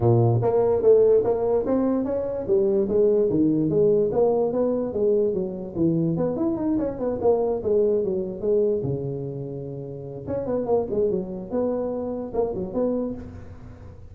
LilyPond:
\new Staff \with { instrumentName = "tuba" } { \time 4/4 \tempo 4 = 146 ais,4 ais4 a4 ais4 | c'4 cis'4 g4 gis4 | dis4 gis4 ais4 b4 | gis4 fis4 e4 b8 e'8 |
dis'8 cis'8 b8 ais4 gis4 fis8~ | fis8 gis4 cis2~ cis8~ | cis4 cis'8 b8 ais8 gis8 fis4 | b2 ais8 fis8 b4 | }